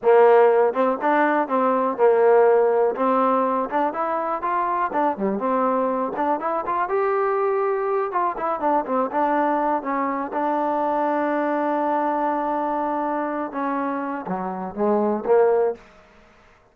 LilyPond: \new Staff \with { instrumentName = "trombone" } { \time 4/4 \tempo 4 = 122 ais4. c'8 d'4 c'4 | ais2 c'4. d'8 | e'4 f'4 d'8 g8 c'4~ | c'8 d'8 e'8 f'8 g'2~ |
g'8 f'8 e'8 d'8 c'8 d'4. | cis'4 d'2.~ | d'2.~ d'8 cis'8~ | cis'4 fis4 gis4 ais4 | }